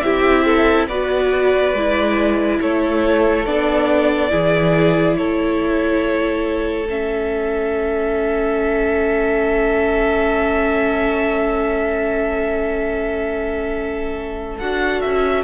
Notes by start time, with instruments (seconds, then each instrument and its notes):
0.00 cello C4, viola E4, violin G4 E5
0.45 violin A4
0.88 cello B3, viola F#4, violin B4 D5
1.73 cello G#3, viola E4
2.61 cello A3, violin A4 C#5
3.46 cello B3, viola D4, violin D5
4.29 cello E3, viola E4, violin G#4
5.17 cello A3, violin A4 C#5
6.89 viola C#4, violin E5
14.58 cello D4, viola F#4, violin F#5
15.01 cello C#4, violin E5